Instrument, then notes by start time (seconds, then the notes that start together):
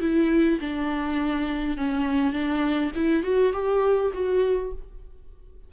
viola
0.00 E4
0.60 D4
1.77 C#4
2.33 D4
2.95 E4
3.23 F#4
3.52 G4
4.13 F#4